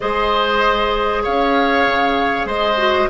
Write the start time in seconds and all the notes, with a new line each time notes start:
0.00 G#3 G#4 C5 D#5
1.23 C#4 C#5 F5
1.86 C#3
2.45 G#3 C5 D#5
2.77 F#4